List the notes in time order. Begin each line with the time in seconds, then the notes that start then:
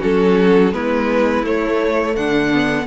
0.00 F#3 C#4 F#4 A4
0.73 G#3 B3 E4 B4
1.44 A3 C#5
2.16 D3 D4 F#5
2.53 B3